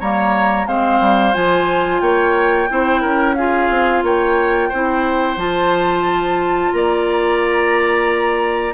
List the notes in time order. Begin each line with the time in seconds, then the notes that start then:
0.00 G3 A#3 C#5 A#5
0.67 G#3 C4 C5 F5
1.00 G3
1.34 F3 F4 G#5
2.01 A#3 C#5 G5
2.69 C4 E4 C5
3.01 C#4 A#4
3.35 F4 G#4 F5
3.70 C4
4.03 A#3 C#5 G5
4.69 C4 E4 C5
5.37 F3 F4 A5
6.72 A#3 D5 A#5